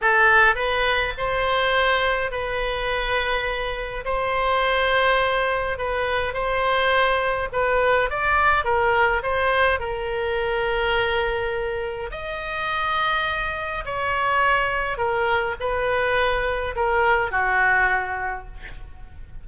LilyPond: \new Staff \with { instrumentName = "oboe" } { \time 4/4 \tempo 4 = 104 a'4 b'4 c''2 | b'2. c''4~ | c''2 b'4 c''4~ | c''4 b'4 d''4 ais'4 |
c''4 ais'2.~ | ais'4 dis''2. | cis''2 ais'4 b'4~ | b'4 ais'4 fis'2 | }